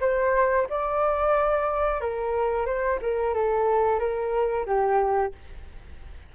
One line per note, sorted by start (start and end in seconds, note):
0.00 0.67 C5
0.69 2.00 D5
2.00 2.65 A#4
2.65 2.99 C5
3.01 3.34 A#4
3.34 3.98 A4
3.98 4.65 A#4
4.65 5.32 G4